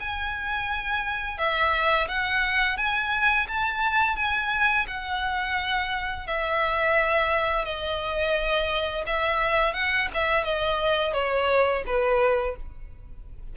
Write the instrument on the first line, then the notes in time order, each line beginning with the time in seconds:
violin
0.00 G#5
1.38 E5
2.08 F#5
2.77 G#5
3.48 A5
4.16 G#5
4.88 F#5
6.27 E5
7.65 D#5
9.06 E5
9.74 F#5
10.14 E5
10.44 D#5
11.13 C#5
11.86 B4